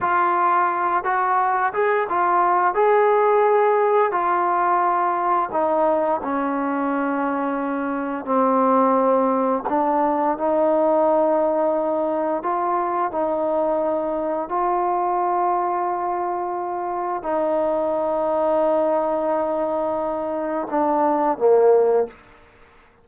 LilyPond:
\new Staff \with { instrumentName = "trombone" } { \time 4/4 \tempo 4 = 87 f'4. fis'4 gis'8 f'4 | gis'2 f'2 | dis'4 cis'2. | c'2 d'4 dis'4~ |
dis'2 f'4 dis'4~ | dis'4 f'2.~ | f'4 dis'2.~ | dis'2 d'4 ais4 | }